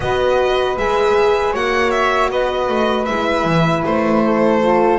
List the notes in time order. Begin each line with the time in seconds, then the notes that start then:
0.00 B3 F#4 B4 D#5
0.77 G#3 G#4 E5
1.53 A#3 F#4 C#5 F#5
1.90 E5
2.31 B3 B4 D#5
2.68 A3
3.05 G#3 E4 E5
3.44 E3
3.85 A3 C5
4.24 A4
4.62 F4